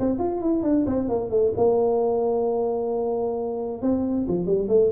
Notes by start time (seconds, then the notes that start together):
0.00 C4
0.19 F4
0.42 E4
0.63 D4
0.87 C4
1.09 A#3
1.31 A3
1.57 A#3
3.82 C4
4.28 F3
4.47 G3
4.69 A3